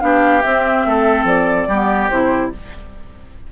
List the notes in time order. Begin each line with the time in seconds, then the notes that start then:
0.00 B3 D4 G4 F5
0.42 C4 E5
0.86 A3 A4
1.24 F3 D5
1.68 G3 B3 G4
2.10 C3 E4 C5